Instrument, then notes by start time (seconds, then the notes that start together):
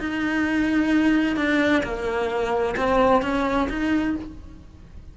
cello
0.00 D#4
1.37 D4
1.84 A#3
2.77 C4
3.23 C#4
3.70 D#4